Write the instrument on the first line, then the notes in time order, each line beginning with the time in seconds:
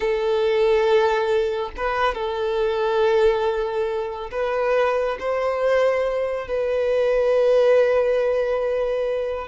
violin
0.00 A4
1.76 B4
2.14 A4
4.31 B4
5.19 C5
6.47 B4